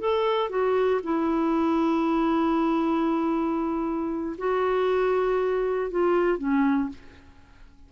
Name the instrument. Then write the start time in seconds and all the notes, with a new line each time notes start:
clarinet
0.00 A4
0.50 F#4
1.03 E4
4.38 F#4
5.91 F4
6.38 C#4